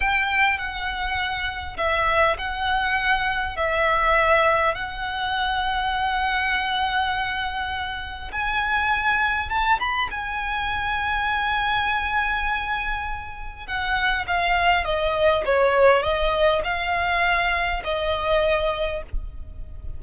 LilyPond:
\new Staff \with { instrumentName = "violin" } { \time 4/4 \tempo 4 = 101 g''4 fis''2 e''4 | fis''2 e''2 | fis''1~ | fis''2 gis''2 |
a''8 b''8 gis''2.~ | gis''2. fis''4 | f''4 dis''4 cis''4 dis''4 | f''2 dis''2 | }